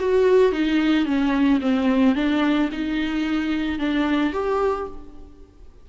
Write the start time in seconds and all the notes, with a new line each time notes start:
0.00 F#4
0.53 D#4
1.06 C#4
1.61 C4
2.15 D4
2.72 D#4
3.79 D4
4.33 G4